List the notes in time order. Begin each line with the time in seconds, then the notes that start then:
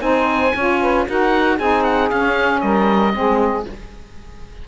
0.00 C4 D#4 C5 G#5
0.55 C#4 F4 C#5
0.81 B4
1.07 D#4 F#4 A#4 F#5
1.57 C4 D#4 G#4 G#5
1.84 F#5
2.10 C#4 F5
2.61 G3 A#4 D#5
3.13 G#3 C4 G#4